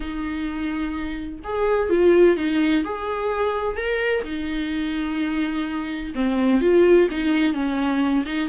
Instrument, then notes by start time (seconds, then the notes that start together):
viola
0.00 D#4
1.44 G#4
1.89 F4
2.36 D#4
2.84 G#4
3.76 A#4
4.24 D#4
6.15 C4
6.61 F4
7.10 D#4
7.53 C#4
8.25 D#4